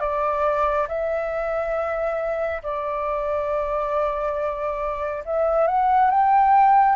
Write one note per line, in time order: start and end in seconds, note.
0.00 0.87 D5
0.88 2.62 E5
2.62 5.23 D5
5.25 5.67 E5
5.67 6.10 F#5
6.10 6.96 G5